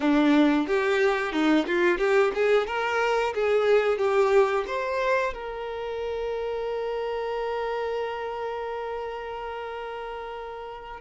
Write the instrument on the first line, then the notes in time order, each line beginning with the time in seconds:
violin
0.00 D4
0.67 G4
1.32 D#4
1.66 F4
1.98 G4
2.34 G#4
2.66 A#4
3.34 G#4
3.98 G4
4.67 C5
5.33 A#4